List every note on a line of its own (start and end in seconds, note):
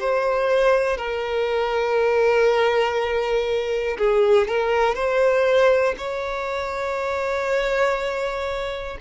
0.00 0.98 C5
0.98 3.98 A#4
3.99 4.48 G#4
4.48 4.95 A#4
4.95 5.95 C5
5.98 8.98 C#5